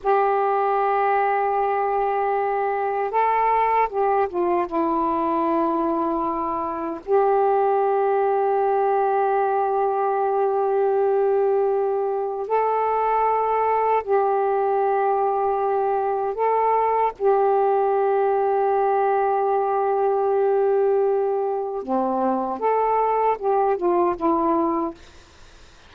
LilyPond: \new Staff \with { instrumentName = "saxophone" } { \time 4/4 \tempo 4 = 77 g'1 | a'4 g'8 f'8 e'2~ | e'4 g'2.~ | g'1 |
a'2 g'2~ | g'4 a'4 g'2~ | g'1 | c'4 a'4 g'8 f'8 e'4 | }